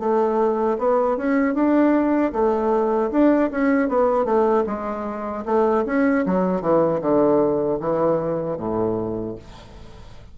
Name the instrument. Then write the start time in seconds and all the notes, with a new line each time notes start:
bassoon
0.00 A3
0.79 B3
1.18 C#4
1.55 D4
2.33 A3
3.12 D4
3.51 C#4
3.89 B3
4.25 A3
4.67 G#3
5.46 A3
5.87 C#4
6.26 F#3
6.62 E3
7.02 D3
7.80 E3
8.58 A2